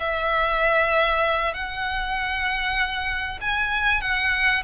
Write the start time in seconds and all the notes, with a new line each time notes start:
0.00 E5
1.54 F#5
3.41 G#5
4.01 F#5